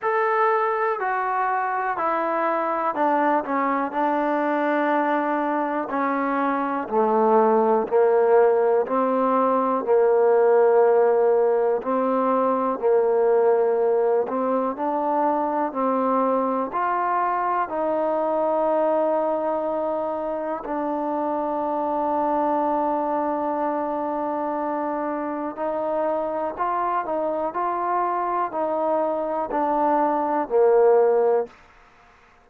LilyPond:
\new Staff \with { instrumentName = "trombone" } { \time 4/4 \tempo 4 = 61 a'4 fis'4 e'4 d'8 cis'8 | d'2 cis'4 a4 | ais4 c'4 ais2 | c'4 ais4. c'8 d'4 |
c'4 f'4 dis'2~ | dis'4 d'2.~ | d'2 dis'4 f'8 dis'8 | f'4 dis'4 d'4 ais4 | }